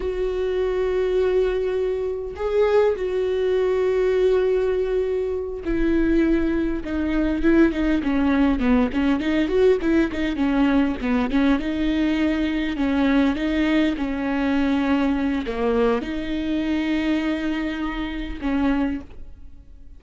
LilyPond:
\new Staff \with { instrumentName = "viola" } { \time 4/4 \tempo 4 = 101 fis'1 | gis'4 fis'2.~ | fis'4. e'2 dis'8~ | dis'8 e'8 dis'8 cis'4 b8 cis'8 dis'8 |
fis'8 e'8 dis'8 cis'4 b8 cis'8 dis'8~ | dis'4. cis'4 dis'4 cis'8~ | cis'2 ais4 dis'4~ | dis'2. cis'4 | }